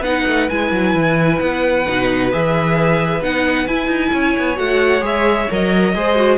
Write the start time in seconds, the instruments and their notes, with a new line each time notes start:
0.00 cello B3, viola D#4, violin B4 F#5
0.27 cello A3
0.49 cello G#3, viola E4, violin G#5
0.72 cello F#3
0.94 cello E3
1.40 cello B3, violin F#5
1.87 cello B2, viola D#4
2.32 cello E3, viola G#4, violin E5
3.21 cello B3, viola D#4, violin F#5
3.67 cello E4, viola E4, violin G#5
3.87 cello D#4
4.12 cello C#4, violin C#5
4.38 cello B3
4.56 cello A3, viola F#4, violin F#5
5.00 cello G#3, viola G#4, violin E5
5.50 cello F#3, viola A#4, violin D#5
5.95 cello G#3, viola G#4, violin C5
6.15 viola F#4